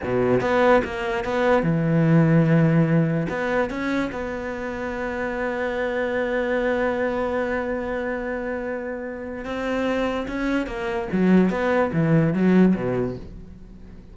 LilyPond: \new Staff \with { instrumentName = "cello" } { \time 4/4 \tempo 4 = 146 b,4 b4 ais4 b4 | e1 | b4 cis'4 b2~ | b1~ |
b1~ | b2. c'4~ | c'4 cis'4 ais4 fis4 | b4 e4 fis4 b,4 | }